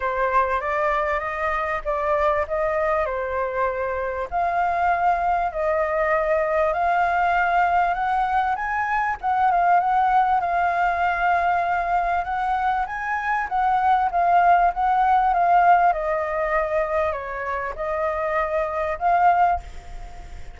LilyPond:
\new Staff \with { instrumentName = "flute" } { \time 4/4 \tempo 4 = 98 c''4 d''4 dis''4 d''4 | dis''4 c''2 f''4~ | f''4 dis''2 f''4~ | f''4 fis''4 gis''4 fis''8 f''8 |
fis''4 f''2. | fis''4 gis''4 fis''4 f''4 | fis''4 f''4 dis''2 | cis''4 dis''2 f''4 | }